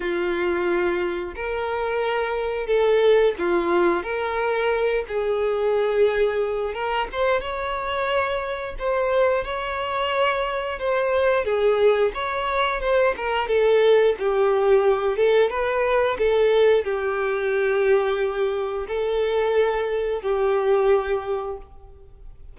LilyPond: \new Staff \with { instrumentName = "violin" } { \time 4/4 \tempo 4 = 89 f'2 ais'2 | a'4 f'4 ais'4. gis'8~ | gis'2 ais'8 c''8 cis''4~ | cis''4 c''4 cis''2 |
c''4 gis'4 cis''4 c''8 ais'8 | a'4 g'4. a'8 b'4 | a'4 g'2. | a'2 g'2 | }